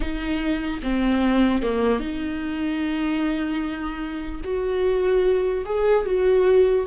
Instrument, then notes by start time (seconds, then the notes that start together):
viola
0.00 D#4
0.82 C4
1.62 A#3
1.99 D#4
4.44 F#4
5.65 G#4
6.05 F#4